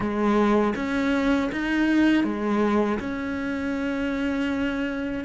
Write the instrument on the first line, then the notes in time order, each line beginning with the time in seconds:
cello
0.00 G#3
0.75 C#4
1.52 D#4
2.23 G#3
2.99 C#4